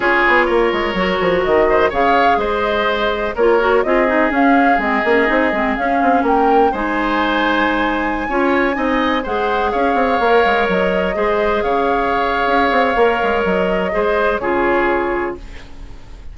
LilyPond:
<<
  \new Staff \with { instrumentName = "flute" } { \time 4/4 \tempo 4 = 125 cis''2. dis''4 | f''4 dis''2 cis''4 | dis''4 f''4 dis''2 | f''4 g''4 gis''2~ |
gis''2.~ gis''16 fis''8.~ | fis''16 f''2 dis''4.~ dis''16~ | dis''16 f''2.~ f''8. | dis''2 cis''2 | }
  \new Staff \with { instrumentName = "oboe" } { \time 4/4 gis'4 ais'2~ ais'8 c''8 | cis''4 c''2 ais'4 | gis'1~ | gis'4 ais'4 c''2~ |
c''4~ c''16 cis''4 dis''4 c''8.~ | c''16 cis''2. c''8.~ | c''16 cis''2.~ cis''8.~ | cis''4 c''4 gis'2 | }
  \new Staff \with { instrumentName = "clarinet" } { \time 4/4 f'2 fis'2 | gis'2. f'8 fis'8 | f'8 dis'8 cis'4 c'8 cis'8 dis'8 c'8 | cis'2 dis'2~ |
dis'4~ dis'16 f'4 dis'4 gis'8.~ | gis'4~ gis'16 ais'2 gis'8.~ | gis'2. ais'4~ | ais'4 gis'4 f'2 | }
  \new Staff \with { instrumentName = "bassoon" } { \time 4/4 cis'8 b8 ais8 gis8 fis8 f8 dis4 | cis4 gis2 ais4 | c'4 cis'4 gis8 ais8 c'8 gis8 | cis'8 c'8 ais4 gis2~ |
gis4~ gis16 cis'4 c'4 gis8.~ | gis16 cis'8 c'8 ais8 gis8 fis4 gis8.~ | gis16 cis4.~ cis16 cis'8 c'8 ais8 gis8 | fis4 gis4 cis2 | }
>>